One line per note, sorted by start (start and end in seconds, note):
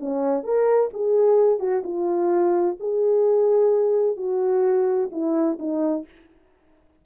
0.00 0.44 C#4
0.44 0.90 A#4
0.94 1.60 G#4
1.60 1.83 F#4
1.84 2.77 F4
2.80 4.17 G#4
4.17 5.10 F#4
5.12 5.59 E4
5.59 6.06 D#4